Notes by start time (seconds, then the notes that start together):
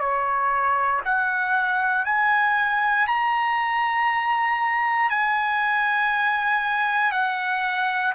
0.00 C#5
1.05 F#5
2.05 G#5
3.07 A#5
5.10 G#5
7.12 F#5